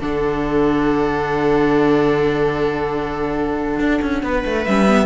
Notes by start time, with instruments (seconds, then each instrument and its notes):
0.00 cello D3, viola D4 A4, violin F#5
3.79 cello D4
4.02 cello C#4
4.23 cello B3, viola B4
4.45 cello A3
4.65 cello G3, viola C#4, violin E5
4.88 viola B3